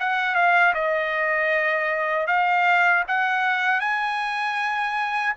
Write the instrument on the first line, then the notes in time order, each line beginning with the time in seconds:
trumpet
0.00 F#5
0.35 F5
0.74 D#5
2.27 F5
3.08 F#5
3.80 G#5